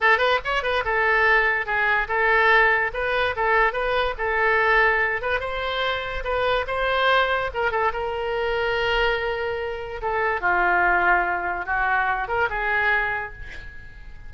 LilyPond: \new Staff \with { instrumentName = "oboe" } { \time 4/4 \tempo 4 = 144 a'8 b'8 cis''8 b'8 a'2 | gis'4 a'2 b'4 | a'4 b'4 a'2~ | a'8 b'8 c''2 b'4 |
c''2 ais'8 a'8 ais'4~ | ais'1 | a'4 f'2. | fis'4. ais'8 gis'2 | }